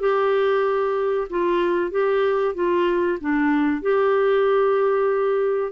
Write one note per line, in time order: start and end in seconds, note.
0.00 1.28 G4
1.30 1.91 F4
1.91 2.55 G4
2.55 3.19 F4
3.21 3.82 D4
3.82 5.72 G4